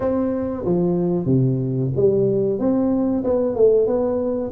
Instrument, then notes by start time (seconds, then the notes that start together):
tuba
0.00 C4
0.65 F3
1.26 C3
1.95 G3
2.59 C4
3.23 B3
3.55 A3
3.86 B3